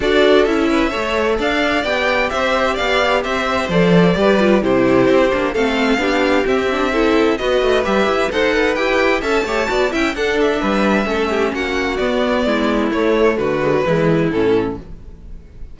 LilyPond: <<
  \new Staff \with { instrumentName = "violin" } { \time 4/4 \tempo 4 = 130 d''4 e''2 f''4 | g''4 e''4 f''4 e''4 | d''2 c''2 | f''2 e''2 |
dis''4 e''4 fis''4 g''4 | a''4. g''8 fis''8 e''4.~ | e''4 fis''4 d''2 | cis''4 b'2 a'4 | }
  \new Staff \with { instrumentName = "violin" } { \time 4/4 a'4. b'8 cis''4 d''4~ | d''4 c''4 d''4 c''4~ | c''4 b'4 g'2 | a'4 g'2 a'4 |
b'2 c''8 b'4. | e''8 cis''8 d''8 e''8 a'4 b'4 | a'8 g'8 fis'2 e'4~ | e'4 fis'4 e'2 | }
  \new Staff \with { instrumentName = "viola" } { \time 4/4 fis'4 e'4 a'2 | g'1 | a'4 g'8 f'8 e'4. d'8 | c'4 d'4 c'8 d'8 e'4 |
fis'4 g'4 a'4 g'4 | a'8 g'8 fis'8 e'8 d'2 | cis'2 b2 | a4. gis16 fis16 gis4 cis'4 | }
  \new Staff \with { instrumentName = "cello" } { \time 4/4 d'4 cis'4 a4 d'4 | b4 c'4 b4 c'4 | f4 g4 c4 c'8 ais8 | a4 b4 c'2 |
b8 a8 g8 e'8 dis'4 e'4 | cis'8 a8 b8 cis'8 d'4 g4 | a4 ais4 b4 gis4 | a4 d4 e4 a,4 | }
>>